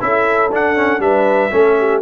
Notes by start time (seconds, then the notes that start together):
0.00 C#4 E4 A4 E5
0.52 D4 F#5
0.76 C#4
0.99 G3 D4 B4 E5
1.51 A3 C#4 A4
1.79 G4